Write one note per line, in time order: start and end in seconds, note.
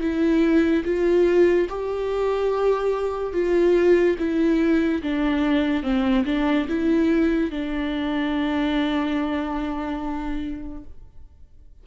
0.00 0.83 E4
0.84 1.68 F4
1.69 3.33 G4
3.33 4.16 F4
4.19 5.02 E4
5.02 5.83 D4
5.83 6.25 C4
6.26 6.67 D4
6.68 7.51 E4
7.51 10.84 D4